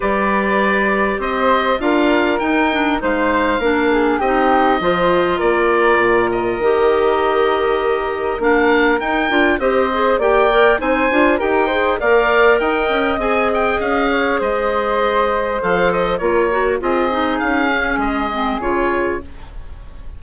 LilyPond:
<<
  \new Staff \with { instrumentName = "oboe" } { \time 4/4 \tempo 4 = 100 d''2 dis''4 f''4 | g''4 f''2 dis''4~ | dis''4 d''4. dis''4.~ | dis''2 f''4 g''4 |
dis''4 g''4 gis''4 g''4 | f''4 g''4 gis''8 g''8 f''4 | dis''2 f''8 dis''8 cis''4 | dis''4 f''4 dis''4 cis''4 | }
  \new Staff \with { instrumentName = "flute" } { \time 4/4 b'2 c''4 ais'4~ | ais'4 c''4 ais'8 gis'8 g'4 | c''4 ais'2.~ | ais'1 |
c''4 d''4 c''4 ais'8 c''8 | d''4 dis''2~ dis''8 cis''8 | c''2. ais'4 | gis'1 | }
  \new Staff \with { instrumentName = "clarinet" } { \time 4/4 g'2. f'4 | dis'8 d'8 dis'4 d'4 dis'4 | f'2. g'4~ | g'2 d'4 dis'8 f'8 |
g'8 gis'8 g'8 ais'8 dis'8 f'8 g'8 gis'8 | ais'2 gis'2~ | gis'2 a'4 f'8 fis'8 | f'8 dis'4 cis'4 c'8 f'4 | }
  \new Staff \with { instrumentName = "bassoon" } { \time 4/4 g2 c'4 d'4 | dis'4 gis4 ais4 c'4 | f4 ais4 ais,4 dis4~ | dis2 ais4 dis'8 d'8 |
c'4 ais4 c'8 d'8 dis'4 | ais4 dis'8 cis'8 c'4 cis'4 | gis2 f4 ais4 | c'4 cis'4 gis4 cis4 | }
>>